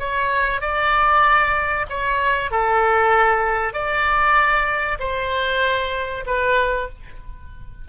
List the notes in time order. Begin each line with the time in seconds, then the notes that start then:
0.00 C#5
0.61 D5
1.90 C#5
2.51 A4
3.74 D5
5.00 C5
6.27 B4